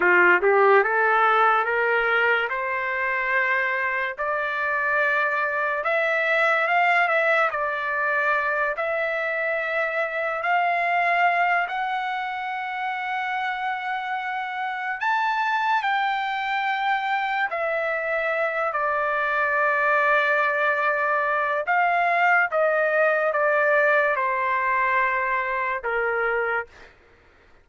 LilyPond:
\new Staff \with { instrumentName = "trumpet" } { \time 4/4 \tempo 4 = 72 f'8 g'8 a'4 ais'4 c''4~ | c''4 d''2 e''4 | f''8 e''8 d''4. e''4.~ | e''8 f''4. fis''2~ |
fis''2 a''4 g''4~ | g''4 e''4. d''4.~ | d''2 f''4 dis''4 | d''4 c''2 ais'4 | }